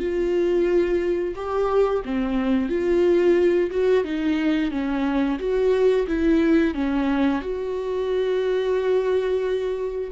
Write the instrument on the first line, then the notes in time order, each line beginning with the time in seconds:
viola
0.00 F4
1.36 G4
2.06 C4
2.69 F4
3.71 F#4
4.05 D#4
4.72 C#4
5.40 F#4
6.08 E4
6.74 C#4
7.42 F#4